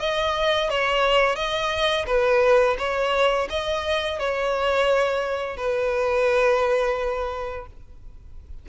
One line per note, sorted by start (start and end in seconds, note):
0.00 0.70 D#5
0.70 1.36 C#5
1.36 2.06 D#5
2.07 2.77 B4
2.79 3.49 C#5
3.50 4.20 D#5
4.20 5.58 C#5
5.58 7.67 B4